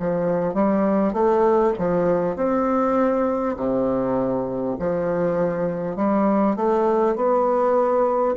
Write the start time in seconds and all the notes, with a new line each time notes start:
0.00 F3
0.54 G3
1.13 A3
1.79 F3
2.36 C4
3.57 C3
4.79 F3
5.97 G3
6.56 A3
7.16 B3